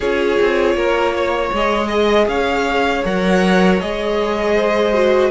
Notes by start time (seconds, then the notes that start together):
0.00 C#4 F4 G#4 C#5
0.40 C4
0.74 A#3 A#4
1.16 C#5
1.53 G#3 G#4 D#5
1.87 D#5
2.27 C#4 C#5 F5
3.04 F#3 A#4 F#5
3.80 G#3 G#4 D#5
4.55 C5
4.93 F#4